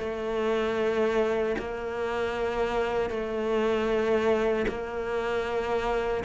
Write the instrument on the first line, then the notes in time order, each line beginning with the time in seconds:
cello
0.00 A3
1.59 A#3
3.10 A3
4.68 A#3